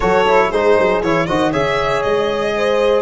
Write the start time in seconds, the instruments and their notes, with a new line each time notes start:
0.00 tuba F#3, trombone F#4, horn A4, violin C#5
0.27 trombone E4
0.49 tuba G#3, trombone D#4, horn G#4, violin C5
0.79 tuba F#3
1.02 tuba E3, trombone E4, violin C#5
1.26 tuba D#3, trombone F#4, horn C5, violin D#5
1.51 tuba C#3, trombone G#4, horn C#5, violin E5
2.02 tuba G#3, violin D#5
2.56 horn C5